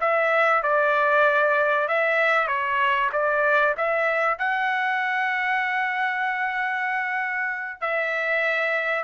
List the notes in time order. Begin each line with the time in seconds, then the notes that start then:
0.00 E5
0.62 D5
1.88 E5
2.47 C#5
3.12 D5
3.77 E5
4.38 F#5
7.80 E5